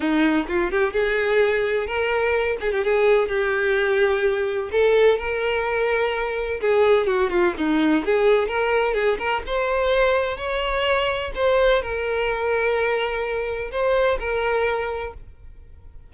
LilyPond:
\new Staff \with { instrumentName = "violin" } { \time 4/4 \tempo 4 = 127 dis'4 f'8 g'8 gis'2 | ais'4. gis'16 g'16 gis'4 g'4~ | g'2 a'4 ais'4~ | ais'2 gis'4 fis'8 f'8 |
dis'4 gis'4 ais'4 gis'8 ais'8 | c''2 cis''2 | c''4 ais'2.~ | ais'4 c''4 ais'2 | }